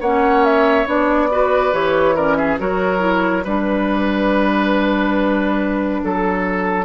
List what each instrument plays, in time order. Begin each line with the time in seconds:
0.00 bassoon A#3, clarinet C#4, oboe C#5, flute F#5
0.44 flute E5
0.86 bassoon B3, clarinet D4, flute D5
1.31 clarinet F#4, oboe B4
1.72 bassoon E3, clarinet G4, flute C#5
2.15 clarinet C#4, oboe A#4, flute D5
2.35 oboe G#4, flute E5
2.59 bassoon F#3, clarinet F#4, oboe A#4, flute C#5
2.99 clarinet E4
3.44 bassoon G3, clarinet D4, oboe B4, flute B4
6.04 bassoon F#3, flute A4, oboe A4